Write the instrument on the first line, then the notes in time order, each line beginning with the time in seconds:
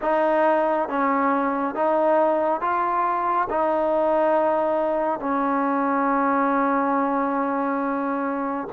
trombone
0.01 D#4
0.88 C#4
1.74 D#4
2.60 F4
3.49 D#4
5.19 C#4